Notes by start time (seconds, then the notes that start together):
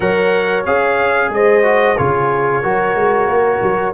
0.00 F#3 A#4 C#5 F#5
0.65 C#4 G#4 F5
1.28 G#3 C5 D#5
1.63 F#4
1.97 C#3 F4 G#4 C#5
2.62 F#3 F#4 A#4
2.95 G#3
3.26 A#3
3.62 F#3